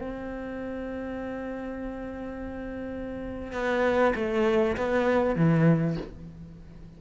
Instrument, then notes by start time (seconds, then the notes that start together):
cello
0.00 C4
3.52 B3
4.15 A3
4.76 B3
5.35 E3